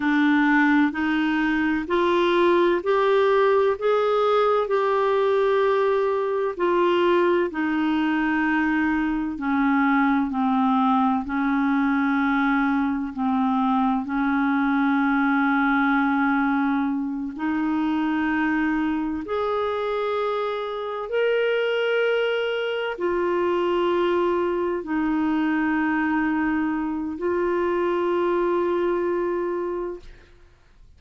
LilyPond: \new Staff \with { instrumentName = "clarinet" } { \time 4/4 \tempo 4 = 64 d'4 dis'4 f'4 g'4 | gis'4 g'2 f'4 | dis'2 cis'4 c'4 | cis'2 c'4 cis'4~ |
cis'2~ cis'8 dis'4.~ | dis'8 gis'2 ais'4.~ | ais'8 f'2 dis'4.~ | dis'4 f'2. | }